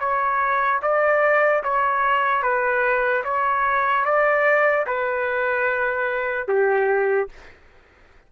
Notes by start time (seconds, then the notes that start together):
0.00 C#5
0.82 D5
1.64 C#5
2.43 B4
3.24 C#5
4.05 D5
4.86 B4
6.48 G4